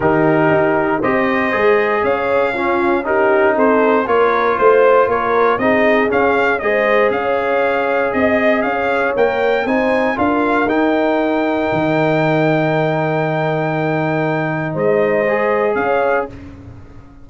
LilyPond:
<<
  \new Staff \with { instrumentName = "trumpet" } { \time 4/4 \tempo 4 = 118 ais'2 dis''2 | f''2 ais'4 c''4 | cis''4 c''4 cis''4 dis''4 | f''4 dis''4 f''2 |
dis''4 f''4 g''4 gis''4 | f''4 g''2.~ | g''1~ | g''4 dis''2 f''4 | }
  \new Staff \with { instrumentName = "horn" } { \time 4/4 g'2 c''2 | cis''4 f'4 g'4 a'4 | ais'4 c''4 ais'4 gis'4~ | gis'4 c''4 cis''2 |
dis''4 cis''2 c''4 | ais'1~ | ais'1~ | ais'4 c''2 cis''4 | }
  \new Staff \with { instrumentName = "trombone" } { \time 4/4 dis'2 g'4 gis'4~ | gis'4 cis'4 dis'2 | f'2. dis'4 | cis'4 gis'2.~ |
gis'2 ais'4 dis'4 | f'4 dis'2.~ | dis'1~ | dis'2 gis'2 | }
  \new Staff \with { instrumentName = "tuba" } { \time 4/4 dis4 dis'4 c'4 gis4 | cis'2. c'4 | ais4 a4 ais4 c'4 | cis'4 gis4 cis'2 |
c'4 cis'4 ais4 c'4 | d'4 dis'2 dis4~ | dis1~ | dis4 gis2 cis'4 | }
>>